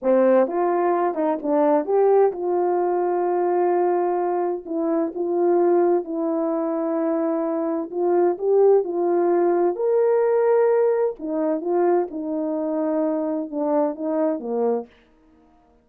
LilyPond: \new Staff \with { instrumentName = "horn" } { \time 4/4 \tempo 4 = 129 c'4 f'4. dis'8 d'4 | g'4 f'2.~ | f'2 e'4 f'4~ | f'4 e'2.~ |
e'4 f'4 g'4 f'4~ | f'4 ais'2. | dis'4 f'4 dis'2~ | dis'4 d'4 dis'4 ais4 | }